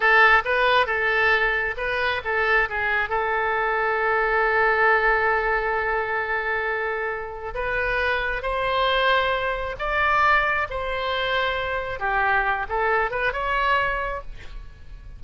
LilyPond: \new Staff \with { instrumentName = "oboe" } { \time 4/4 \tempo 4 = 135 a'4 b'4 a'2 | b'4 a'4 gis'4 a'4~ | a'1~ | a'1~ |
a'4 b'2 c''4~ | c''2 d''2 | c''2. g'4~ | g'8 a'4 b'8 cis''2 | }